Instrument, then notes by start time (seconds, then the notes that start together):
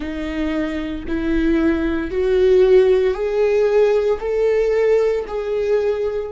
viola
0.00 D#4
1.07 E4
2.11 F#4
3.13 G#4
4.20 A4
5.27 G#4